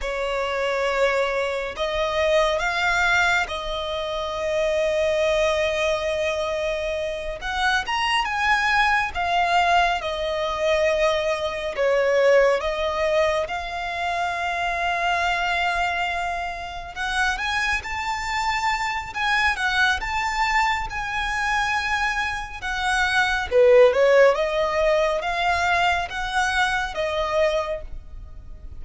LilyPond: \new Staff \with { instrumentName = "violin" } { \time 4/4 \tempo 4 = 69 cis''2 dis''4 f''4 | dis''1~ | dis''8 fis''8 ais''8 gis''4 f''4 dis''8~ | dis''4. cis''4 dis''4 f''8~ |
f''2.~ f''8 fis''8 | gis''8 a''4. gis''8 fis''8 a''4 | gis''2 fis''4 b'8 cis''8 | dis''4 f''4 fis''4 dis''4 | }